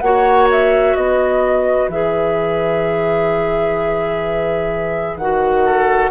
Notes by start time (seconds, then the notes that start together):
0.00 A#3 F#4 C#5 F#5
0.51 E5
0.95 B3 B4 D#5
1.88 E3 G#4 E5
5.16 D#3 F#4 F#5
5.65 A4